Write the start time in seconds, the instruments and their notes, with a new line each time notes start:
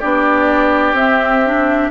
0.00 bassoon B3, clarinet D4, oboe G4, flute D5
0.93 bassoon C4, clarinet C4, flute E5
1.46 clarinet D4